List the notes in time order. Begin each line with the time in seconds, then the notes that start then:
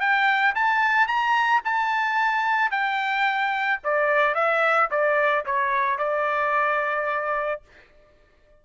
0.00 G5
0.55 A5
1.07 A#5
1.65 A5
2.71 G5
3.84 D5
4.35 E5
4.90 D5
5.45 C#5
5.98 D5